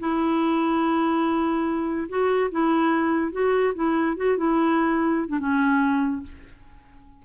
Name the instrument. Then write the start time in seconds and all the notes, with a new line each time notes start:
clarinet
0.00 E4
2.09 F#4
2.52 E4
3.32 F#4
3.75 E4
4.17 F#4
4.37 E4
5.28 D4
5.39 C#4